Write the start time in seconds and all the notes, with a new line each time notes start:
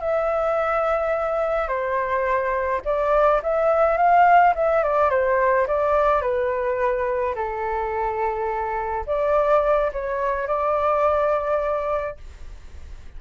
0.00 E5
1.68 C5
2.85 D5
3.42 E5
3.97 F5
4.55 E5
4.83 D5
5.10 C5
5.67 D5
6.21 B4
7.35 A4
9.06 D5
9.92 C#5
10.47 D5